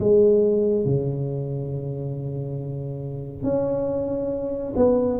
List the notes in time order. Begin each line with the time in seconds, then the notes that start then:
0.00 G#3
0.86 C#3
3.43 C#4
4.76 B3